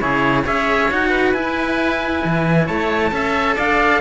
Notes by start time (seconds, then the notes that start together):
0.00 C#3 E4 G#4 C#5
0.44 C#4 G#4 C#5 E5
0.91 D#4 F#4 F#5
1.10 B4
1.33 E4 G#5
2.24 E3
2.66 A3 C#5 A5
3.11 C#4 A4 E5
3.56 D4 D5 F5